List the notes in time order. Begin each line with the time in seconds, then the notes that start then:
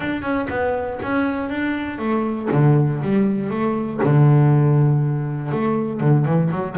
0.00 D4
0.22 C#4
0.49 B3
1.02 C#4
1.49 D4
1.98 A3
2.51 D3
3.02 G3
3.50 A3
4.02 D3
5.51 A3
6.00 D3
6.25 E3
6.51 F#3